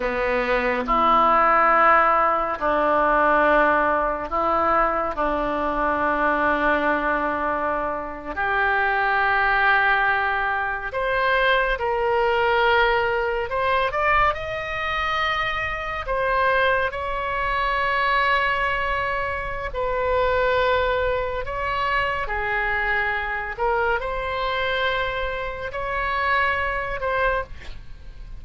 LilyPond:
\new Staff \with { instrumentName = "oboe" } { \time 4/4 \tempo 4 = 70 b4 e'2 d'4~ | d'4 e'4 d'2~ | d'4.~ d'16 g'2~ g'16~ | g'8. c''4 ais'2 c''16~ |
c''16 d''8 dis''2 c''4 cis''16~ | cis''2. b'4~ | b'4 cis''4 gis'4. ais'8 | c''2 cis''4. c''8 | }